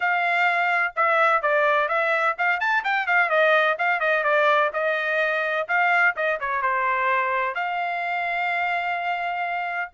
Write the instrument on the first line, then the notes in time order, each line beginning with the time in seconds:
trumpet
0.00 F5
0.96 E5
1.42 D5
1.88 E5
2.38 F5
2.59 A5
2.84 G5
3.07 F5
3.29 D#5
3.78 F5
3.99 D#5
4.23 D5
4.73 D#5
5.68 F5
6.15 D#5
6.40 C#5
6.61 C5
7.54 F5